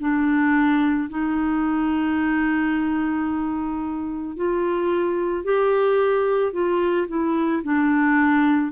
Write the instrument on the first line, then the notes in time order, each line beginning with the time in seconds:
clarinet
0.00 D4
1.10 D#4
4.36 F4
5.44 G4
6.53 F4
7.08 E4
7.64 D4